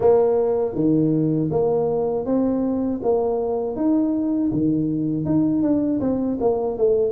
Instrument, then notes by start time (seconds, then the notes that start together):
tuba
0.00 A#3
0.74 D#3
1.50 A#3
2.25 C4
3.02 A#3
3.75 D#4
4.52 D#3
5.25 D#4
5.62 D4
6.00 C4
6.40 A#3
6.77 A3